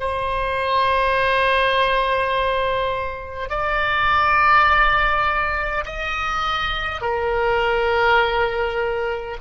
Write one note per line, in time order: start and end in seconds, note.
0.00 3.50 C5
3.50 5.85 D5
5.86 7.02 D#5
7.02 9.37 A#4